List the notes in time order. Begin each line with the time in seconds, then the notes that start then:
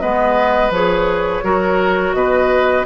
0.00 G#3 B3 B4 D#5
0.70 F3 G#4 C#5
1.44 F#3 F#4 A#4
2.14 B2 B4 D#5